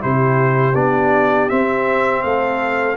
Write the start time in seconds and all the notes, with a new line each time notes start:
0.00 C3 E4 G4 C5
0.75 B3 D4 D5
1.50 C4 E5
2.23 A3 A4 F5